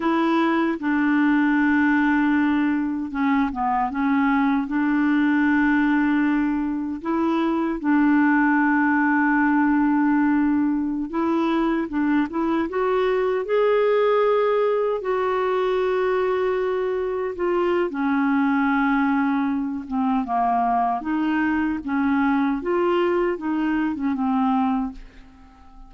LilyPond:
\new Staff \with { instrumentName = "clarinet" } { \time 4/4 \tempo 4 = 77 e'4 d'2. | cis'8 b8 cis'4 d'2~ | d'4 e'4 d'2~ | d'2~ d'16 e'4 d'8 e'16~ |
e'16 fis'4 gis'2 fis'8.~ | fis'2~ fis'16 f'8. cis'4~ | cis'4. c'8 ais4 dis'4 | cis'4 f'4 dis'8. cis'16 c'4 | }